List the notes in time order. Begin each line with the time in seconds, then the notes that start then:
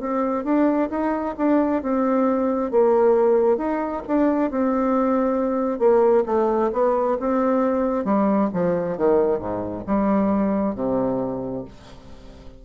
0.00 C4
0.45 D4
0.91 D#4
1.38 D4
1.82 C4
2.72 A#3
3.58 D#4
4.07 D4
4.51 C4
5.79 A#3
6.26 A3
6.73 B3
7.20 C4
8.05 G3
8.54 F3
8.98 D#3
9.39 G#2
9.87 G3
10.75 C3